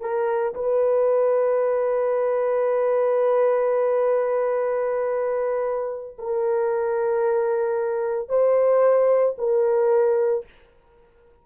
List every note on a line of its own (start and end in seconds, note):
0.00 0.54 A#4
0.54 6.17 B4
6.18 8.29 A#4
8.29 9.36 C5
9.38 10.45 A#4